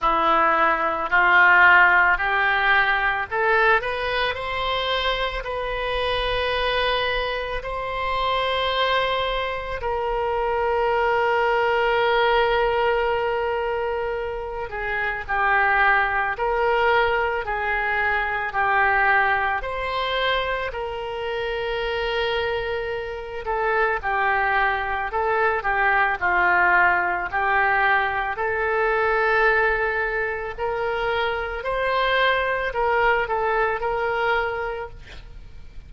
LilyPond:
\new Staff \with { instrumentName = "oboe" } { \time 4/4 \tempo 4 = 55 e'4 f'4 g'4 a'8 b'8 | c''4 b'2 c''4~ | c''4 ais'2.~ | ais'4. gis'8 g'4 ais'4 |
gis'4 g'4 c''4 ais'4~ | ais'4. a'8 g'4 a'8 g'8 | f'4 g'4 a'2 | ais'4 c''4 ais'8 a'8 ais'4 | }